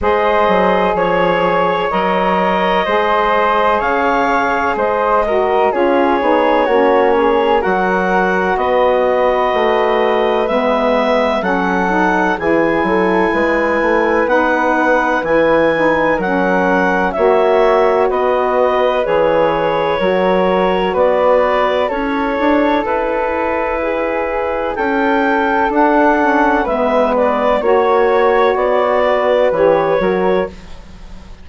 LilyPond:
<<
  \new Staff \with { instrumentName = "clarinet" } { \time 4/4 \tempo 4 = 63 dis''4 cis''4 dis''2 | f''4 dis''4 cis''2 | fis''4 dis''2 e''4 | fis''4 gis''2 fis''4 |
gis''4 fis''4 e''4 dis''4 | cis''2 d''4 cis''4 | b'2 g''4 fis''4 | e''8 d''8 cis''4 d''4 cis''4 | }
  \new Staff \with { instrumentName = "flute" } { \time 4/4 c''4 cis''2 c''4 | cis''4 c''8 ais'8 gis'4 fis'8 gis'8 | ais'4 b'2. | a'4 gis'8 a'8 b'2~ |
b'4 ais'4 cis''4 b'4~ | b'4 ais'4 b'4 a'4~ | a'4 gis'4 a'2 | b'4 cis''4. b'4 ais'8 | }
  \new Staff \with { instrumentName = "saxophone" } { \time 4/4 gis'2 ais'4 gis'4~ | gis'4. fis'8 f'8 dis'8 cis'4 | fis'2. b4 | cis'8 dis'8 e'2 dis'4 |
e'8 dis'8 cis'4 fis'2 | gis'4 fis'2 e'4~ | e'2. d'8 cis'8 | b4 fis'2 g'8 fis'8 | }
  \new Staff \with { instrumentName = "bassoon" } { \time 4/4 gis8 fis8 f4 fis4 gis4 | cis4 gis4 cis'8 b8 ais4 | fis4 b4 a4 gis4 | fis4 e8 fis8 gis8 a8 b4 |
e4 fis4 ais4 b4 | e4 fis4 b4 cis'8 d'8 | e'2 cis'4 d'4 | gis4 ais4 b4 e8 fis8 | }
>>